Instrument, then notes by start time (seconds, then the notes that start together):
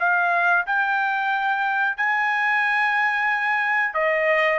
trumpet
0.00 F5
0.67 G5
1.98 G#5
3.94 D#5